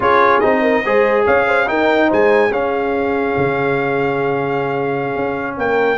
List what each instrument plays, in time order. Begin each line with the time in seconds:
0.00 tuba C#4, trombone F4, horn G#4, trumpet C#5
0.40 tuba C4, trombone D#4, trumpet D#5
0.61 horn A#4
0.84 tuba G#3, trombone G#4, horn C5
1.25 tuba C#4, horn C#5, trumpet F5
1.47 horn C5
1.66 trombone D#4, tuba D#4, horn A#4, trumpet G5
2.08 tuba G#3, horn C5, trumpet G#5
2.50 tuba C#4, trombone C#4, horn G#4, trumpet F5
3.37 tuba C#3
5.16 tuba C#4
5.57 tuba A#3, horn A#4, trumpet G5